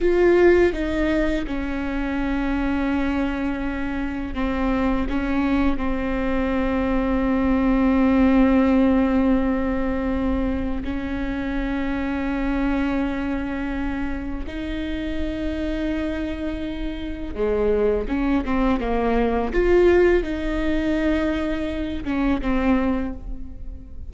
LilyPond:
\new Staff \with { instrumentName = "viola" } { \time 4/4 \tempo 4 = 83 f'4 dis'4 cis'2~ | cis'2 c'4 cis'4 | c'1~ | c'2. cis'4~ |
cis'1 | dis'1 | gis4 cis'8 c'8 ais4 f'4 | dis'2~ dis'8 cis'8 c'4 | }